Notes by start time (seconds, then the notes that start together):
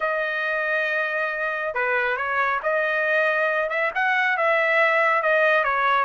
0.00 D#5
1.74 B4
2.16 C#5
2.62 D#5
3.69 E5
3.94 F#5
4.37 E5
5.22 D#5
5.63 C#5